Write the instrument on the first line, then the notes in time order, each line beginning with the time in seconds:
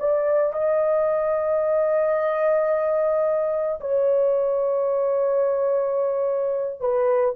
horn
0.00 D5
0.53 D#5
3.80 C#5
6.81 B4